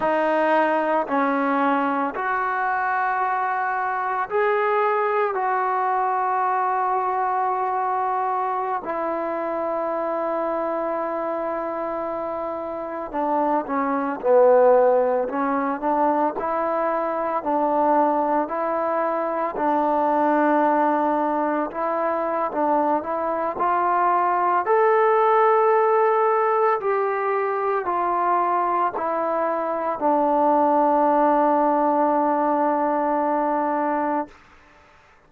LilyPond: \new Staff \with { instrumentName = "trombone" } { \time 4/4 \tempo 4 = 56 dis'4 cis'4 fis'2 | gis'4 fis'2.~ | fis'16 e'2.~ e'8.~ | e'16 d'8 cis'8 b4 cis'8 d'8 e'8.~ |
e'16 d'4 e'4 d'4.~ d'16~ | d'16 e'8. d'8 e'8 f'4 a'4~ | a'4 g'4 f'4 e'4 | d'1 | }